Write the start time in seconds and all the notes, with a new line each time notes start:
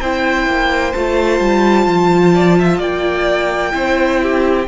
0.00 C4 E4 C5 G5
0.46 A#3
0.92 A3 F4 A5
1.40 G3
1.86 F3
2.34 D5
2.58 E5
2.78 A#3 D5 G5
3.72 C4 E4 C5
4.22 G4